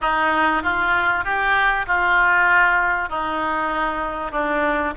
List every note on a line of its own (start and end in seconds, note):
0.01 0.62 D#4
0.62 1.24 F4
1.24 1.86 G4
1.87 3.09 F4
3.09 4.31 D#4
4.31 4.93 D4